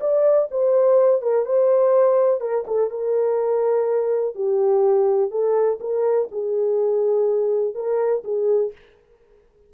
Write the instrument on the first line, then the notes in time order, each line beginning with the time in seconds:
horn
0.00 D5
0.51 C5
1.22 A#4
1.45 C5
2.40 A#4
2.67 A4
2.90 A#4
4.35 G4
5.30 A4
5.80 A#4
6.31 G#4
7.74 A#4
8.24 G#4